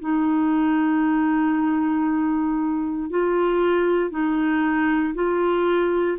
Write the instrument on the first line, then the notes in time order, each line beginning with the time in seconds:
clarinet
0.00 D#4
3.10 F4
4.11 D#4
5.14 F4